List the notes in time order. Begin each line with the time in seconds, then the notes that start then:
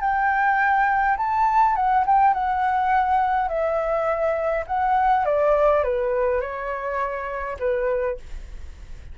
0.00 G5
1.17 A5
1.75 F#5
2.06 G5
2.33 F#5
3.48 E5
4.67 F#5
5.25 D5
5.83 B4
6.41 C#5
7.59 B4